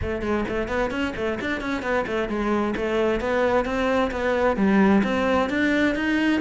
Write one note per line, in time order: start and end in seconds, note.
0.01 0.22 A3
0.22 0.45 G#3
0.48 0.67 A3
0.67 0.90 B3
0.90 1.13 C#4
1.16 1.39 A3
1.40 1.61 D4
1.61 1.82 C#4
1.82 2.05 B3
2.06 2.28 A3
2.28 2.74 G#3
2.76 3.20 A3
3.20 3.65 B3
3.65 4.11 C4
4.11 4.56 B3
4.56 5.02 G3
5.03 5.49 C4
5.49 5.95 D4
5.95 6.41 D#4